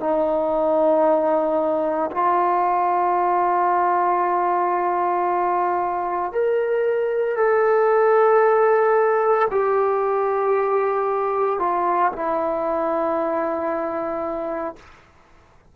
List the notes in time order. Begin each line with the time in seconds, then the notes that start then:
0.00 D#4
2.11 F4
6.32 A#4
7.37 A4
9.51 G4
11.59 F4
12.12 E4